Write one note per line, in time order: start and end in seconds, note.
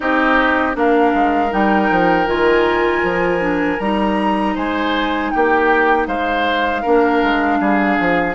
0.00 0.75 C4
0.00 0.73 D#4
0.00 0.76 G4
0.00 0.76 D#5
0.73 1.13 A#3
0.73 1.49 D4
0.73 4.54 A#4
0.73 1.52 F5
1.13 1.51 G#3
1.50 1.90 G3
1.50 2.26 D#4
1.50 2.27 G5
1.90 2.26 F3
2.26 3.02 D#3
2.26 3.39 F4
2.26 3.79 G#5
3.02 3.78 F3
3.39 3.77 D4
3.79 4.55 G3
3.79 6.84 D#4
3.79 4.55 A#5
4.54 5.32 G#3
4.54 5.30 C5
4.54 5.30 G#5
5.30 6.07 A#3
5.30 6.07 G4
5.30 6.06 G5
6.07 6.83 G#3
6.07 6.82 C5
6.07 8.34 F5
6.82 7.22 A#3
6.82 8.34 D4
6.82 7.58 A#4
7.22 7.60 G#3
7.60 7.98 G3
7.60 8.34 G#4
8.00 8.34 F3